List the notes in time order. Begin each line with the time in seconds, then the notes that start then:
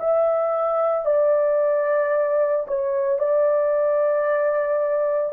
0.00 E5
1.06 D5
2.68 C#5
3.19 D5